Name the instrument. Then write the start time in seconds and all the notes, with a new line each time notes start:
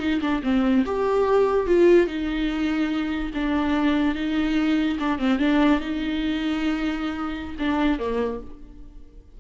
viola
0.00 D#4
0.21 D4
0.43 C4
0.86 G4
1.67 F4
2.07 D#4
3.34 D4
4.15 D#4
5.00 D4
5.19 C4
5.39 D4
5.80 D#4
7.59 D4
7.99 A#3